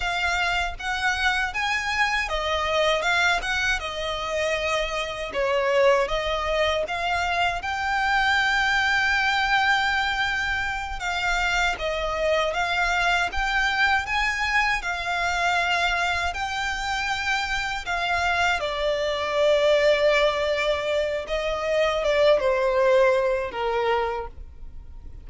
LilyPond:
\new Staff \with { instrumentName = "violin" } { \time 4/4 \tempo 4 = 79 f''4 fis''4 gis''4 dis''4 | f''8 fis''8 dis''2 cis''4 | dis''4 f''4 g''2~ | g''2~ g''8 f''4 dis''8~ |
dis''8 f''4 g''4 gis''4 f''8~ | f''4. g''2 f''8~ | f''8 d''2.~ d''8 | dis''4 d''8 c''4. ais'4 | }